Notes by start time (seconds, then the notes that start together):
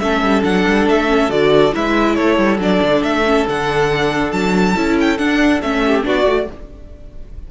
0.00 A3 C#4 A4 E5
0.22 G3
0.43 F#3 D4 F#5
0.68 G3
0.87 A3 E5
1.08 C#4
1.29 D3 F#4 D5
1.73 G#3 E4 B4 E5
2.16 A3 A4 C#5
2.38 G3
2.59 F#3 D4 D5
2.83 D3
3.03 A3 E5
3.26 C#4
3.48 D3 D4 F#5
4.32 F#3 A5
4.75 C#4 E4
5.01 G5
5.18 D4 F#5
5.62 A3 C#4 E5
5.86 G4
6.03 B3 D4 F#4 D5
6.26 A3 F#4